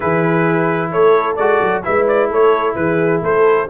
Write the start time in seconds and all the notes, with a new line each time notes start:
0.00 E3 E4 G#4 B4
0.91 A3 A4 C#5
1.36 G#3 F#4 D5
1.61 F#3
1.83 G#3 E4 B4 E5
2.07 D5
2.29 A3 A4 C#5
2.75 E3 G#4 B4
3.22 A3 A4 C5